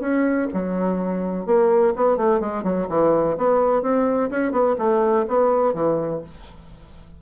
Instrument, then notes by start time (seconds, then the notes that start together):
bassoon
0.00 C#4
0.53 F#3
1.46 A#3
1.95 B3
2.17 A3
2.40 G#3
2.63 F#3
2.89 E3
3.37 B3
3.82 C4
4.30 C#4
4.52 B3
4.78 A3
5.27 B3
5.73 E3